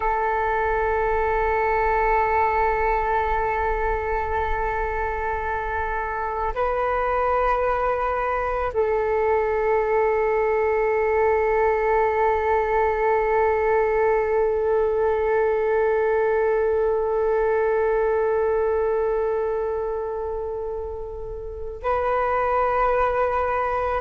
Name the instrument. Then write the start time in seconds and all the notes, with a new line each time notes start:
flute
0.00 A4
6.54 B4
8.73 A4
21.82 B4